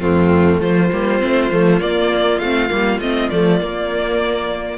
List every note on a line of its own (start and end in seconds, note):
0.00 0.60 F2
0.00 0.91 A3
0.00 0.61 C4
0.00 0.60 F4
0.60 0.90 F3
0.60 4.78 F4
0.60 1.80 C5
0.92 1.22 G3
0.92 1.20 A#3
1.20 1.52 A3
1.20 1.50 C4
1.51 1.81 F3
1.51 1.81 A3
1.80 2.41 A#3
1.80 2.40 A#3
1.80 2.39 D5
2.39 2.70 A3
2.39 2.70 C4
2.39 2.99 F5
2.70 2.99 G3
2.70 3.00 A#3
2.99 3.29 A3
2.99 3.31 C4
2.99 3.29 D#5
3.29 3.62 F3
3.29 3.60 A3
3.29 4.78 D5
3.60 4.78 A#3